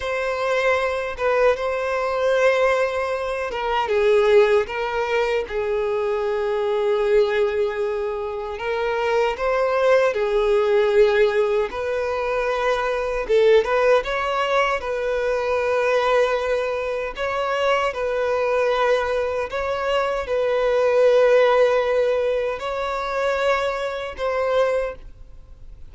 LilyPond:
\new Staff \with { instrumentName = "violin" } { \time 4/4 \tempo 4 = 77 c''4. b'8 c''2~ | c''8 ais'8 gis'4 ais'4 gis'4~ | gis'2. ais'4 | c''4 gis'2 b'4~ |
b'4 a'8 b'8 cis''4 b'4~ | b'2 cis''4 b'4~ | b'4 cis''4 b'2~ | b'4 cis''2 c''4 | }